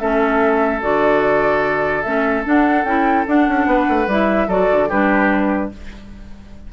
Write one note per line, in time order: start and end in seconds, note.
0.00 0.83 A3
0.00 0.82 C#4
0.00 3.68 A4
0.00 0.82 E5
0.82 2.05 D3
0.82 2.04 F#4
0.82 2.03 D5
2.03 2.46 A3
2.03 2.45 C#4
2.03 2.44 E5
2.45 2.86 D4
2.45 2.85 D4
2.45 2.85 F#5
2.85 3.25 C#4
2.85 3.27 E4
2.85 3.26 G5
3.27 4.09 D4
3.27 3.49 D4
3.27 4.10 F#5
3.49 3.67 C#4
3.67 3.87 B3
3.67 4.48 B4
3.89 4.07 A3
4.07 4.48 G3
4.07 4.50 E4
4.07 4.50 E5
4.48 4.69 F#3
4.48 4.90 F#4
4.48 4.89 A4
4.48 4.91 D5
4.72 4.91 D3
4.89 5.73 G3
4.89 5.72 D4
4.89 5.71 G4
4.89 5.72 B4